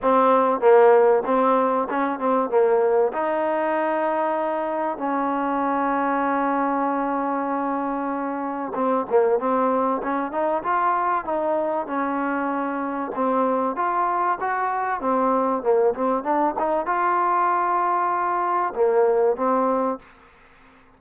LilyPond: \new Staff \with { instrumentName = "trombone" } { \time 4/4 \tempo 4 = 96 c'4 ais4 c'4 cis'8 c'8 | ais4 dis'2. | cis'1~ | cis'2 c'8 ais8 c'4 |
cis'8 dis'8 f'4 dis'4 cis'4~ | cis'4 c'4 f'4 fis'4 | c'4 ais8 c'8 d'8 dis'8 f'4~ | f'2 ais4 c'4 | }